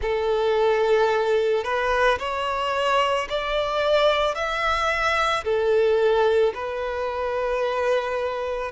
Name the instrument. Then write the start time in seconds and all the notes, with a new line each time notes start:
violin
0.01 A4
1.64 B4
2.18 C#5
3.29 D5
4.34 E5
5.44 A4
6.54 B4